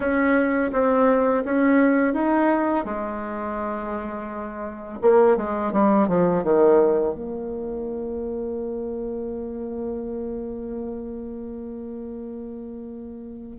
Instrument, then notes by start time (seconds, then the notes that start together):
bassoon
0.00 C#4
0.72 C4
1.44 C#4
2.13 D#4
2.84 G#3
5.01 A#3
5.36 G#3
5.72 G3
6.08 F3
6.43 D#3
7.14 A#3